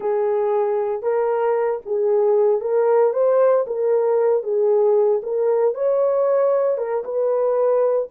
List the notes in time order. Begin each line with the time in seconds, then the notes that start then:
0.00 G#4
1.02 A#4
1.85 G#4
2.61 A#4
3.13 C5
3.66 A#4
4.43 G#4
5.22 A#4
5.74 C#5
6.77 A#4
7.04 B4